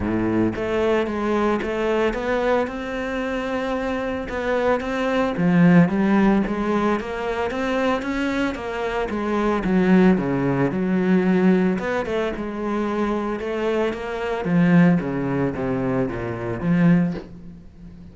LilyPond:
\new Staff \with { instrumentName = "cello" } { \time 4/4 \tempo 4 = 112 a,4 a4 gis4 a4 | b4 c'2. | b4 c'4 f4 g4 | gis4 ais4 c'4 cis'4 |
ais4 gis4 fis4 cis4 | fis2 b8 a8 gis4~ | gis4 a4 ais4 f4 | cis4 c4 ais,4 f4 | }